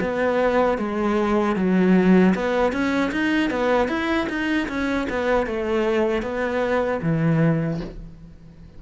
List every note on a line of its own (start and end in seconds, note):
0.00 0.78 B3
0.78 1.55 G#3
1.55 2.33 F#3
2.34 2.72 B3
2.72 3.11 C#4
3.11 3.50 D#4
3.50 3.88 B3
3.88 4.27 E4
4.29 4.68 D#4
4.68 5.07 C#4
5.09 5.46 B3
5.46 6.22 A3
6.22 7.00 B3
7.02 7.80 E3